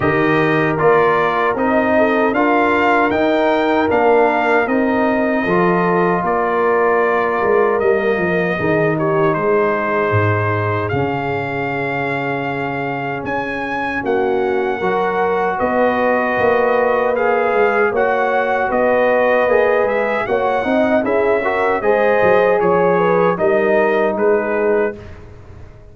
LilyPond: <<
  \new Staff \with { instrumentName = "trumpet" } { \time 4/4 \tempo 4 = 77 dis''4 d''4 dis''4 f''4 | g''4 f''4 dis''2 | d''2 dis''4. cis''8 | c''2 f''2~ |
f''4 gis''4 fis''2 | dis''2 f''4 fis''4 | dis''4. e''8 fis''4 e''4 | dis''4 cis''4 dis''4 b'4 | }
  \new Staff \with { instrumentName = "horn" } { \time 4/4 ais'2~ ais'8 a'8 ais'4~ | ais'2. a'4 | ais'2. gis'8 g'8 | gis'1~ |
gis'2 fis'4 ais'4 | b'2. cis''4 | b'2 cis''8 dis''8 gis'8 ais'8 | c''4 cis''8 b'8 ais'4 gis'4 | }
  \new Staff \with { instrumentName = "trombone" } { \time 4/4 g'4 f'4 dis'4 f'4 | dis'4 d'4 dis'4 f'4~ | f'2 ais4 dis'4~ | dis'2 cis'2~ |
cis'2. fis'4~ | fis'2 gis'4 fis'4~ | fis'4 gis'4 fis'8 dis'8 e'8 fis'8 | gis'2 dis'2 | }
  \new Staff \with { instrumentName = "tuba" } { \time 4/4 dis4 ais4 c'4 d'4 | dis'4 ais4 c'4 f4 | ais4. gis8 g8 f8 dis4 | gis4 gis,4 cis2~ |
cis4 cis'4 ais4 fis4 | b4 ais4. gis8 ais4 | b4 ais8 gis8 ais8 c'8 cis'4 | gis8 fis8 f4 g4 gis4 | }
>>